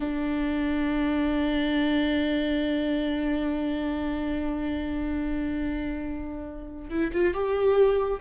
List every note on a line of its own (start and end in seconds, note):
0.00 6.89 D4
6.89 7.11 E4
7.12 7.33 F4
7.34 8.20 G4